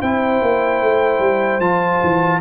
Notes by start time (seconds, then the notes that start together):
0.00 C4 E4 C5 G5
0.42 A#3
0.81 A3
1.19 G3
1.59 F3 F4 A5
2.03 E3